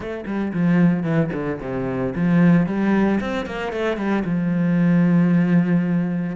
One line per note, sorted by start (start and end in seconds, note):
0.00 0.24 A3
0.26 0.52 G3
0.53 1.03 F3
1.03 1.29 E3
1.33 1.60 D3
1.60 2.14 C3
2.15 2.66 F3
2.66 3.19 G3
3.20 3.46 C4
3.46 3.72 A#3
3.72 3.96 A3
3.96 4.23 G3
4.25 6.36 F3